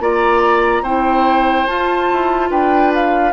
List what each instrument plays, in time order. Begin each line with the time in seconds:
0.00 bassoon A#3, clarinet F4, oboe D5, flute A#5
0.83 bassoon C4, clarinet E4, oboe C5, flute G5
1.67 clarinet F4, bassoon F4, flute A5
2.12 bassoon E4
2.51 bassoon D4, oboe B4, flute G5
2.95 flute F5